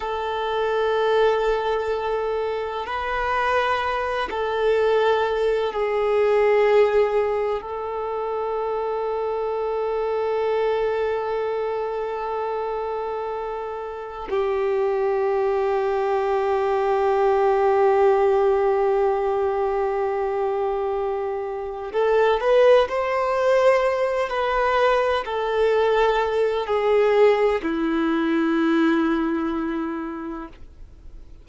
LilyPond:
\new Staff \with { instrumentName = "violin" } { \time 4/4 \tempo 4 = 63 a'2. b'4~ | b'8 a'4. gis'2 | a'1~ | a'2. g'4~ |
g'1~ | g'2. a'8 b'8 | c''4. b'4 a'4. | gis'4 e'2. | }